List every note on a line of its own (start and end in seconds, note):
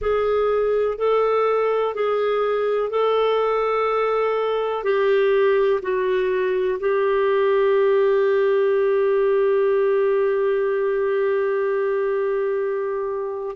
0.01 0.98 G#4
0.98 1.94 A4
1.94 2.90 G#4
2.90 4.83 A4
4.83 5.80 G4
5.82 6.78 F#4
6.79 13.56 G4